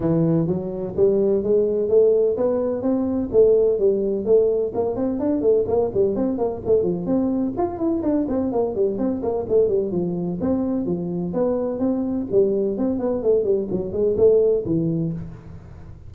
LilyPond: \new Staff \with { instrumentName = "tuba" } { \time 4/4 \tempo 4 = 127 e4 fis4 g4 gis4 | a4 b4 c'4 a4 | g4 a4 ais8 c'8 d'8 a8 | ais8 g8 c'8 ais8 a8 f8 c'4 |
f'8 e'8 d'8 c'8 ais8 g8 c'8 ais8 | a8 g8 f4 c'4 f4 | b4 c'4 g4 c'8 b8 | a8 g8 fis8 gis8 a4 e4 | }